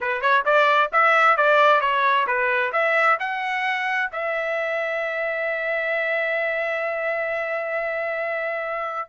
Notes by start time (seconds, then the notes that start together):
0.00 B4
0.21 C#5
0.45 D5
0.92 E5
1.36 D5
1.80 C#5
2.26 B4
2.72 E5
3.19 F#5
4.11 E5